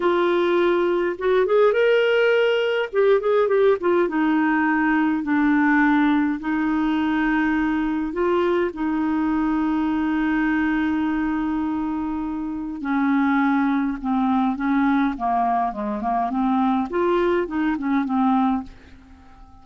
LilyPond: \new Staff \with { instrumentName = "clarinet" } { \time 4/4 \tempo 4 = 103 f'2 fis'8 gis'8 ais'4~ | ais'4 g'8 gis'8 g'8 f'8 dis'4~ | dis'4 d'2 dis'4~ | dis'2 f'4 dis'4~ |
dis'1~ | dis'2 cis'2 | c'4 cis'4 ais4 gis8 ais8 | c'4 f'4 dis'8 cis'8 c'4 | }